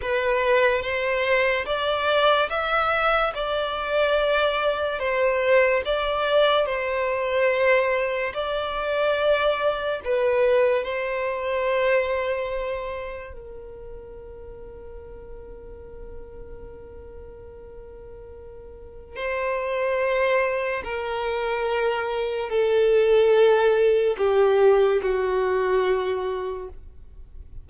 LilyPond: \new Staff \with { instrumentName = "violin" } { \time 4/4 \tempo 4 = 72 b'4 c''4 d''4 e''4 | d''2 c''4 d''4 | c''2 d''2 | b'4 c''2. |
ais'1~ | ais'2. c''4~ | c''4 ais'2 a'4~ | a'4 g'4 fis'2 | }